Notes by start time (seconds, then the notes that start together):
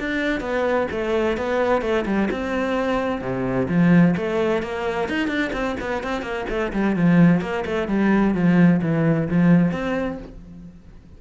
0.00 D4
0.41 B3
0.91 A3
1.38 B3
1.82 A3
2.06 G3
2.31 C4
3.22 C3
3.69 F3
4.17 A3
4.63 A#3
5.09 D#4
5.28 D4
5.53 C4
5.81 B3
6.04 C4
6.22 A#3
6.49 A3
6.73 G3
6.96 F3
7.42 A#3
7.66 A3
7.88 G3
8.35 F3
8.82 E3
9.29 F3
9.72 C4